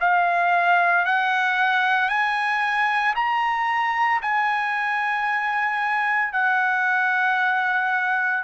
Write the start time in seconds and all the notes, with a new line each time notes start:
0.00 F5
1.05 F#5
2.09 G#5
3.16 A#5
4.22 G#5
6.33 F#5